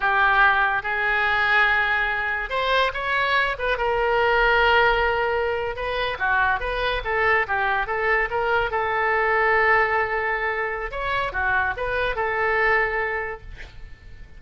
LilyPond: \new Staff \with { instrumentName = "oboe" } { \time 4/4 \tempo 4 = 143 g'2 gis'2~ | gis'2 c''4 cis''4~ | cis''8 b'8 ais'2.~ | ais'4.~ ais'16 b'4 fis'4 b'16~ |
b'8. a'4 g'4 a'4 ais'16~ | ais'8. a'2.~ a'16~ | a'2 cis''4 fis'4 | b'4 a'2. | }